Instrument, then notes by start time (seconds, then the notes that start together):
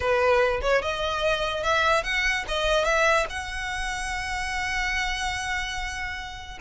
violin
0.00 B4
0.61 C#5
0.82 D#5
1.63 E5
2.03 F#5
2.48 D#5
2.84 E5
3.29 F#5